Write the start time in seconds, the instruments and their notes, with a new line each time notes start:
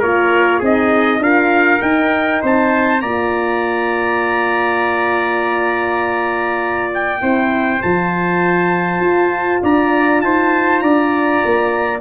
0.00 tuba A#3, horn F4, trumpet A#4 C#5
0.59 tuba C4, horn D#4, trumpet G#4 D#5
1.19 tuba D4, horn F4, trumpet A#4 F5
1.81 horn D#4, tuba D#4, trumpet G5
2.42 tuba C4, trumpet C5 A5
3.01 tuba A#3, horn F4, trumpet D5 A#5
6.94 trumpet G5
7.21 tuba C4, horn E4, trumpet C5
7.82 tuba F3, horn F4, trumpet A5
9.00 tuba F4
9.63 tuba D4, trumpet D5 A#5
10.21 tuba D#4, trumpet C5 A5
10.80 tuba D4, trumpet D5 A#5
11.45 tuba A#3